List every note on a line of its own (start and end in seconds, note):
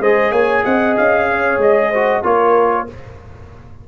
0.00 0.31 G#3
0.00 1.93 G#4
0.00 0.31 C5
0.00 0.32 D#5
0.31 0.63 A#3
0.31 0.63 C#5
0.31 0.64 G#5
0.64 0.97 C4
0.64 1.28 D#5
0.64 0.96 F#5
0.97 1.58 C#4
0.97 1.61 F5
1.30 1.90 C#5
1.58 2.21 G#3
1.58 2.24 D#5
1.90 2.23 F#4
1.90 2.22 C5
2.23 2.87 A#3
2.23 2.87 F4
2.23 2.88 A#4
2.23 2.88 C#5